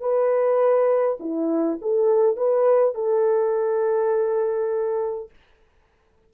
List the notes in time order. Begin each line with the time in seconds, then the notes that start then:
0.00 B4
1.20 E4
1.81 A4
2.37 B4
2.94 A4